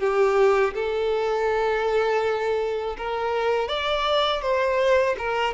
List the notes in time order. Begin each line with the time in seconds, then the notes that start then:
0.00 G4
0.75 A4
2.98 A#4
3.69 D5
4.42 C5
5.19 A#4